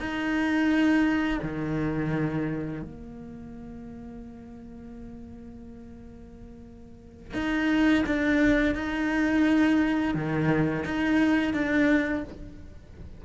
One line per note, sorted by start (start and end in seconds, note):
0.00 1.40 D#4
1.43 2.83 D#3
2.83 7.34 A#3
7.34 8.04 D#4
8.07 8.75 D4
8.75 10.15 D#4
10.15 10.85 D#3
10.85 11.54 D#4
11.54 12.24 D4